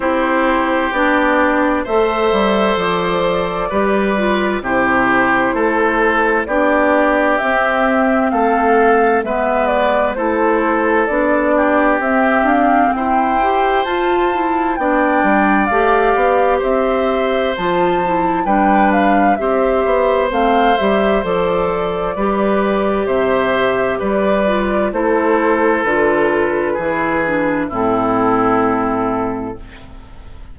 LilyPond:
<<
  \new Staff \with { instrumentName = "flute" } { \time 4/4 \tempo 4 = 65 c''4 d''4 e''4 d''4~ | d''4 c''2 d''4 | e''4 f''4 e''8 d''8 c''4 | d''4 e''8 f''8 g''4 a''4 |
g''4 f''4 e''4 a''4 | g''8 f''8 e''4 f''8 e''8 d''4~ | d''4 e''4 d''4 c''4 | b'2 a'2 | }
  \new Staff \with { instrumentName = "oboe" } { \time 4/4 g'2 c''2 | b'4 g'4 a'4 g'4~ | g'4 a'4 b'4 a'4~ | a'8 g'4. c''2 |
d''2 c''2 | b'4 c''2. | b'4 c''4 b'4 a'4~ | a'4 gis'4 e'2 | }
  \new Staff \with { instrumentName = "clarinet" } { \time 4/4 e'4 d'4 a'2 | g'8 f'8 e'2 d'4 | c'2 b4 e'4 | d'4 c'4. g'8 f'8 e'8 |
d'4 g'2 f'8 e'8 | d'4 g'4 c'8 g'8 a'4 | g'2~ g'8 f'8 e'4 | f'4 e'8 d'8 c'2 | }
  \new Staff \with { instrumentName = "bassoon" } { \time 4/4 c'4 b4 a8 g8 f4 | g4 c4 a4 b4 | c'4 a4 gis4 a4 | b4 c'8 d'8 e'4 f'4 |
b8 g8 a8 b8 c'4 f4 | g4 c'8 b8 a8 g8 f4 | g4 c4 g4 a4 | d4 e4 a,2 | }
>>